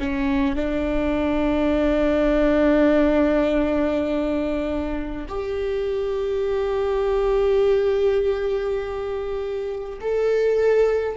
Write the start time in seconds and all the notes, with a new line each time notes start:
0.00 C#4
0.56 D4
5.29 G4
10.01 A4